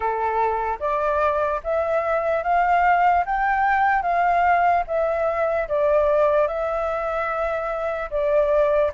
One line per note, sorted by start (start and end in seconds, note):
0.00 0.78 A4
0.79 1.60 D5
1.63 2.43 E5
2.43 3.24 F5
3.25 4.02 G5
4.02 4.83 F5
4.86 5.68 E5
5.68 6.47 D5
6.47 8.09 E5
8.10 8.91 D5